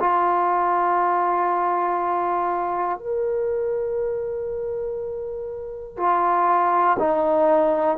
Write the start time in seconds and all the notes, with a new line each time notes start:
0.00 F4
2.99 A#4
5.97 F4
7.00 D#4